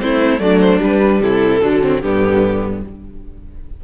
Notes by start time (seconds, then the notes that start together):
0.00 A3 C4 E4 C5
0.39 F#3 A3 D4 D5
0.60 C5
0.79 G3 B4
1.20 C3 E4 A4
1.61 D3 F#3 D4
1.82 C4
2.00 G2 D3 B3 G4